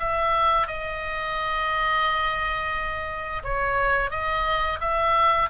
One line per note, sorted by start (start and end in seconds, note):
0.00 0.67 E5
0.67 3.43 D#5
3.44 4.11 C#5
4.11 4.80 D#5
4.81 5.50 E5